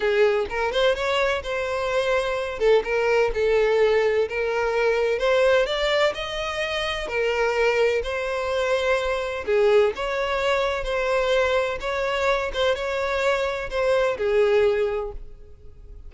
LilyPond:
\new Staff \with { instrumentName = "violin" } { \time 4/4 \tempo 4 = 127 gis'4 ais'8 c''8 cis''4 c''4~ | c''4. a'8 ais'4 a'4~ | a'4 ais'2 c''4 | d''4 dis''2 ais'4~ |
ais'4 c''2. | gis'4 cis''2 c''4~ | c''4 cis''4. c''8 cis''4~ | cis''4 c''4 gis'2 | }